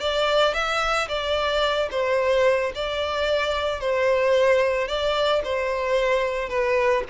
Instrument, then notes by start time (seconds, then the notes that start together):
violin
0.00 D5
0.54 E5
1.08 D5
1.91 C5
2.75 D5
3.80 C5
4.87 D5
5.44 C5
6.49 B4